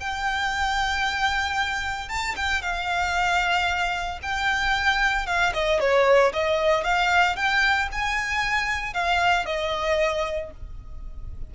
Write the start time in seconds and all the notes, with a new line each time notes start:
0.00 G5
2.09 A5
2.36 G5
2.62 F5
4.22 G5
5.26 F5
5.54 D#5
5.80 C#5
6.33 D#5
6.84 F5
7.36 G5
7.92 G#5
8.94 F5
9.46 D#5